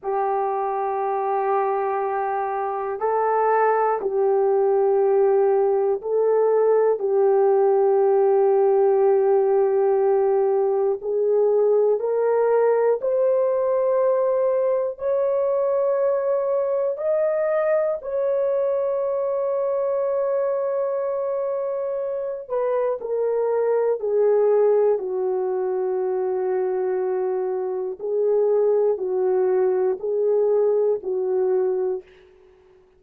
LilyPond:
\new Staff \with { instrumentName = "horn" } { \time 4/4 \tempo 4 = 60 g'2. a'4 | g'2 a'4 g'4~ | g'2. gis'4 | ais'4 c''2 cis''4~ |
cis''4 dis''4 cis''2~ | cis''2~ cis''8 b'8 ais'4 | gis'4 fis'2. | gis'4 fis'4 gis'4 fis'4 | }